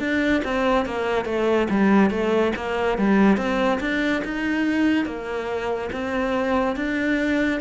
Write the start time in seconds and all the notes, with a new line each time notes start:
0.00 D4
0.45 C4
0.86 A#3
1.26 A3
1.70 G3
2.11 A3
2.57 A#3
2.98 G3
3.38 C4
3.81 D4
4.25 D#4
5.06 A#3
5.93 C4
6.76 D4